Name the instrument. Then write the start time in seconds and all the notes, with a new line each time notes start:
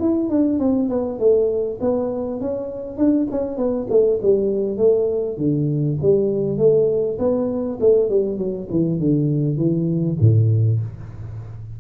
tuba
0.00 E4
0.30 D4
0.59 C4
0.89 B3
1.19 A3
1.81 B3
2.41 C#4
2.98 D4
3.31 C#4
3.58 B3
3.90 A3
4.22 G3
4.78 A3
5.38 D3
6.02 G3
6.58 A3
7.19 B3
7.81 A3
8.10 G3
8.38 F#3
8.71 E3
9.00 D3
9.58 E3
10.21 A2